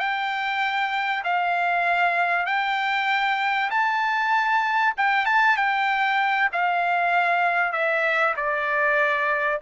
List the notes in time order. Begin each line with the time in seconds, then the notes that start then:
0.00 G5
1.25 F5
2.47 G5
3.71 A5
4.98 G5
5.26 A5
5.57 G5
6.53 F5
7.73 E5
8.37 D5